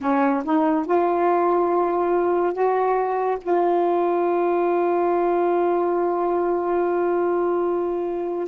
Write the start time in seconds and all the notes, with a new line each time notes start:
0.00 C#4
0.44 D#4
0.85 F4
2.53 F#4
3.41 F4